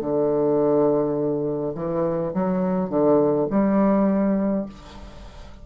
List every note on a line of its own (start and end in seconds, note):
0.00 1.73 D3
1.75 2.32 E3
2.34 2.90 F#3
2.90 3.47 D3
3.50 4.66 G3